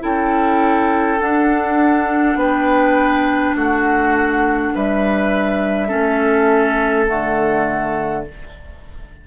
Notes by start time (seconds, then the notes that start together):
0.00 C#4 E4 A4 G5
1.20 D4 F#5
2.35 B3 B4 G5
3.56 A3 F#4 F#5
4.75 G3 B4 E5
5.88 A3 C#4 A4
7.07 D3 A3 F#5